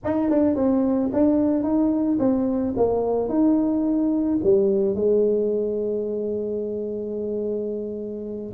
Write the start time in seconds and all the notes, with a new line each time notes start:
0.04 D#4
0.30 D4
0.55 C4
1.13 D4
1.63 D#4
2.19 C4
2.76 A#3
3.29 D#4
4.43 G3
4.95 G#3